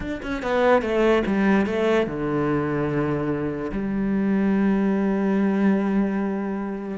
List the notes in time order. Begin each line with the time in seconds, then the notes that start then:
0.00 D4
0.22 C#4
0.42 B3
0.81 A3
1.26 G3
1.66 A3
2.06 D3
3.71 G3